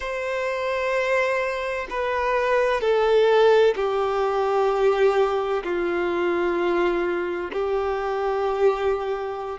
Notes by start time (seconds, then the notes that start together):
0.00 C5
1.90 B4
2.80 A4
3.75 G4
5.63 F4
7.52 G4